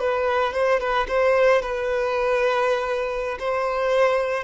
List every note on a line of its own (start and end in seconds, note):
0.00 0.54 B4
0.54 0.80 C5
0.80 1.07 B4
1.08 1.62 C5
1.63 3.38 B4
3.40 4.44 C5